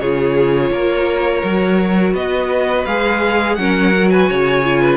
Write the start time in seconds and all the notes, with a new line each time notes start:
0.00 C#3 F4 G#4 C#5
0.71 A#3 A#4
1.44 F#3 F#4
2.13 B3 B4 D#5
2.85 G#3 G#4 F5
3.55 F#3 C#4 A#4 F#5
3.92 F#4
4.10 B4 G#5
4.29 C#3 C#5
4.64 F4
4.81 B4